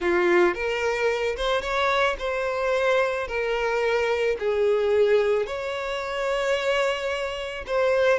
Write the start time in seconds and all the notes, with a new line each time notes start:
0.00 F4
0.54 A#4
1.36 C5
1.61 C#5
2.18 C5
3.27 A#4
4.39 G#4
5.46 C#5
7.66 C5